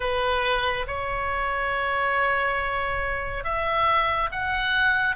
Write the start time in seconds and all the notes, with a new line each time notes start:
0.00 B4
0.87 C#5
3.44 E5
4.31 F#5